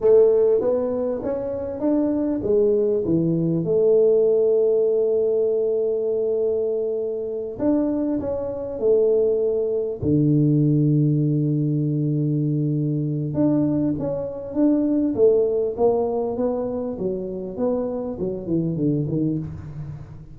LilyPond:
\new Staff \with { instrumentName = "tuba" } { \time 4/4 \tempo 4 = 99 a4 b4 cis'4 d'4 | gis4 e4 a2~ | a1~ | a8 d'4 cis'4 a4.~ |
a8 d2.~ d8~ | d2 d'4 cis'4 | d'4 a4 ais4 b4 | fis4 b4 fis8 e8 d8 dis8 | }